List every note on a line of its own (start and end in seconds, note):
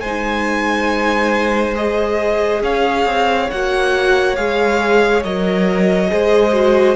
0.00 2.62 G#3
0.00 1.74 D#4
0.00 2.62 C5
0.00 1.74 G#5
1.74 3.48 G#4
1.74 2.62 D#5
2.62 3.05 C#4
2.62 6.11 C#5
2.62 3.50 F5
3.05 3.48 C4
3.50 4.37 A#3
3.50 4.36 F#4
3.50 4.36 F#5
4.36 5.24 G#3
4.36 5.22 G#4
4.36 5.22 F5
5.23 6.11 F#3
5.23 6.07 A#4
5.23 6.95 D#5
6.07 6.95 G#3
6.07 6.51 G#4
6.07 6.95 C5
6.53 6.95 F#4